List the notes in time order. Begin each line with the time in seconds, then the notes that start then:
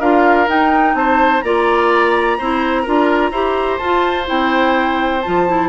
0.00 D4 F4 A#4 F5
0.48 D#4 G5
0.94 C4 C5 A5
1.41 A#3 F4 D5 A#5
2.39 C4 E4 C5
2.83 D4 F4 A#4
3.32 E4 G4 C5
3.78 F4 A5
3.85 F4
4.26 C4 E4 G5
5.22 F3 F4 A5
5.48 E4